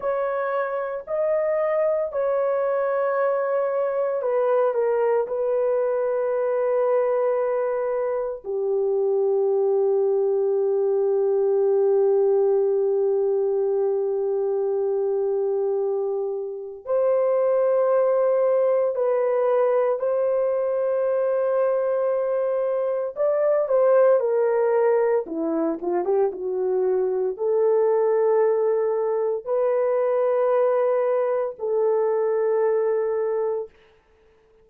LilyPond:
\new Staff \with { instrumentName = "horn" } { \time 4/4 \tempo 4 = 57 cis''4 dis''4 cis''2 | b'8 ais'8 b'2. | g'1~ | g'1 |
c''2 b'4 c''4~ | c''2 d''8 c''8 ais'4 | e'8 f'16 g'16 fis'4 a'2 | b'2 a'2 | }